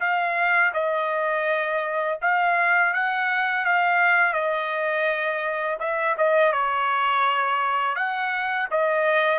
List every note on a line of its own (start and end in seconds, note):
0.00 0.72 F5
0.74 2.19 D#5
2.21 2.93 F5
2.93 3.65 F#5
3.65 4.33 F5
4.33 5.78 D#5
5.80 6.16 E5
6.18 6.53 D#5
6.53 7.96 C#5
7.96 8.68 F#5
8.71 9.39 D#5